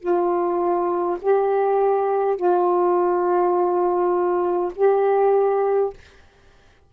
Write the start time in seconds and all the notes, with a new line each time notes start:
0.00 F4
1.22 G4
2.37 F4
4.76 G4